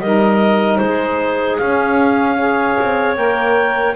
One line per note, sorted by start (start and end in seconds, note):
0.00 0.79 G3
0.00 1.61 D#4
0.00 0.81 A#4
0.00 0.77 D#5
0.77 1.59 G#3
0.77 1.56 C5
0.84 2.38 G#4
1.58 2.79 C#4
1.58 2.38 C#4
1.58 3.16 F5
2.38 3.15 G#4
2.38 3.95 C#5
2.80 3.17 C4
3.15 3.95 A#3
3.15 3.94 A#4
3.15 3.95 G5